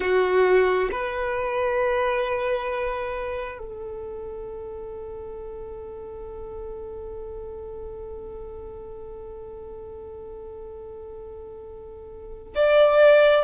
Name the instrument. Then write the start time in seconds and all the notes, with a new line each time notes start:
violin
0.00 F#4
0.91 B4
3.58 A4
12.55 D5